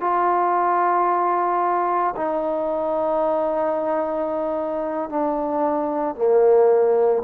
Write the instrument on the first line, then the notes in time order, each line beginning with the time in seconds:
trombone
0.00 F4
2.16 D#4
5.09 D4
6.15 A#3